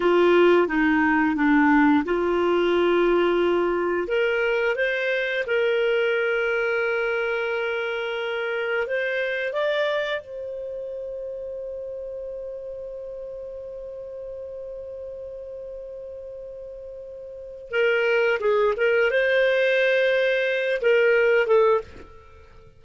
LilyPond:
\new Staff \with { instrumentName = "clarinet" } { \time 4/4 \tempo 4 = 88 f'4 dis'4 d'4 f'4~ | f'2 ais'4 c''4 | ais'1~ | ais'4 c''4 d''4 c''4~ |
c''1~ | c''1~ | c''2 ais'4 gis'8 ais'8 | c''2~ c''8 ais'4 a'8 | }